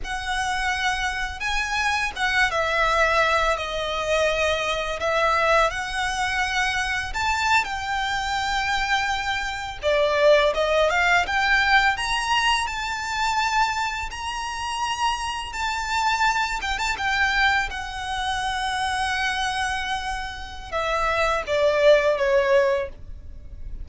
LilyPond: \new Staff \with { instrumentName = "violin" } { \time 4/4 \tempo 4 = 84 fis''2 gis''4 fis''8 e''8~ | e''4 dis''2 e''4 | fis''2 a''8. g''4~ g''16~ | g''4.~ g''16 d''4 dis''8 f''8 g''16~ |
g''8. ais''4 a''2 ais''16~ | ais''4.~ ais''16 a''4. g''16 a''16 g''16~ | g''8. fis''2.~ fis''16~ | fis''4 e''4 d''4 cis''4 | }